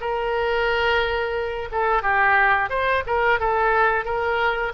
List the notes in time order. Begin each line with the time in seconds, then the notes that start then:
0.00 A#4
1.71 A4
2.02 G4
2.69 C5
3.06 A#4
3.39 A4
4.04 A#4